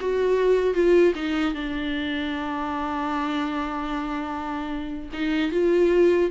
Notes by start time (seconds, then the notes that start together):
0.00 F#4
0.74 F4
1.15 D#4
1.54 D4
5.12 D#4
5.51 F4